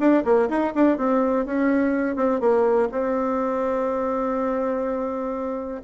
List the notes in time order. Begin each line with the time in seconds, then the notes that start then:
0.00 D4
0.25 A#3
0.49 D#4
0.75 D4
0.98 C4
1.46 C#4
2.16 C4
2.41 A#3
2.92 C4